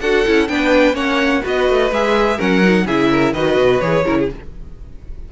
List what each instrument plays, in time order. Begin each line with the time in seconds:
0.00 cello D4, viola F#4, violin A4 F#5
0.26 cello C#4, viola E4
0.48 cello B3, viola D4, violin B4 G5
0.93 cello A#3, viola C#4, violin C#5 F#5
1.42 cello B3, viola F#4, violin B4 D#5
1.69 cello A3
1.91 cello G#3, viola G#4, violin E5
2.37 cello F#3, viola C#4, violin A#4 F#5
2.63 viola D#4
2.85 cello C#3, viola E4, violin G#4 E5
3.11 violin A#4
3.33 cello D#3, viola F#4, violin B4 D#5
3.56 cello B2
3.79 cello E3, viola G#4, violin C#5
4.05 cello C#3, viola E4, violin A#4
4.18 violin G#4